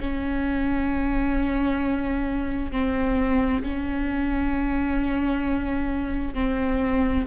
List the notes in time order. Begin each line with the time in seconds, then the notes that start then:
0.00 C#4
2.71 C4
3.62 C#4
6.34 C4